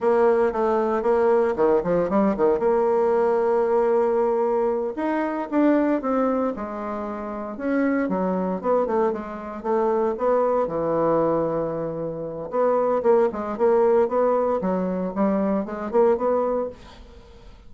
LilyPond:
\new Staff \with { instrumentName = "bassoon" } { \time 4/4 \tempo 4 = 115 ais4 a4 ais4 dis8 f8 | g8 dis8 ais2.~ | ais4. dis'4 d'4 c'8~ | c'8 gis2 cis'4 fis8~ |
fis8 b8 a8 gis4 a4 b8~ | b8 e2.~ e8 | b4 ais8 gis8 ais4 b4 | fis4 g4 gis8 ais8 b4 | }